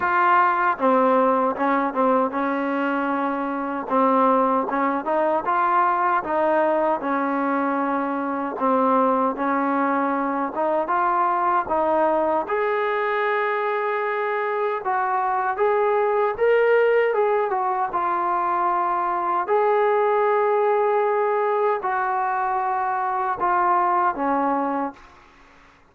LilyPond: \new Staff \with { instrumentName = "trombone" } { \time 4/4 \tempo 4 = 77 f'4 c'4 cis'8 c'8 cis'4~ | cis'4 c'4 cis'8 dis'8 f'4 | dis'4 cis'2 c'4 | cis'4. dis'8 f'4 dis'4 |
gis'2. fis'4 | gis'4 ais'4 gis'8 fis'8 f'4~ | f'4 gis'2. | fis'2 f'4 cis'4 | }